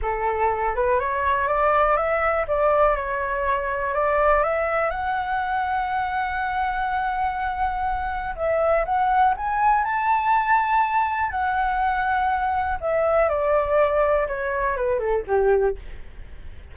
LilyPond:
\new Staff \with { instrumentName = "flute" } { \time 4/4 \tempo 4 = 122 a'4. b'8 cis''4 d''4 | e''4 d''4 cis''2 | d''4 e''4 fis''2~ | fis''1~ |
fis''4 e''4 fis''4 gis''4 | a''2. fis''4~ | fis''2 e''4 d''4~ | d''4 cis''4 b'8 a'8 g'4 | }